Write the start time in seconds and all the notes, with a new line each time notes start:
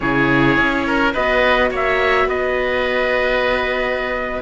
0.00 C#3 E4 G#4 C#5
0.56 C#4
0.86 A#4
1.13 B3 F#4 B4 D#5
1.70 A#3 C#5 E5
2.25 B3 B4 D#5